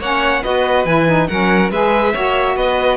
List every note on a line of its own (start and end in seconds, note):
0.00 0.43 A#3
0.00 0.43 C#4
0.00 0.42 C#5
0.00 0.44 F#5
0.42 0.85 B3
0.42 0.86 F#4
0.42 1.28 B4
0.42 0.86 D#5
0.85 1.28 E3
0.85 1.07 E4
0.85 1.28 G#5
1.07 1.29 D#4
1.28 1.71 F#3
1.28 1.72 C#4
1.28 1.72 A#4
1.28 1.71 F#5
1.71 2.14 G#3
1.71 2.14 G#4
1.71 2.13 B4
1.71 2.57 E5
2.13 2.57 A#3
2.13 2.98 F#4
2.13 2.56 C#5
2.57 2.98 B3
2.57 2.98 B4
2.57 2.98 D#5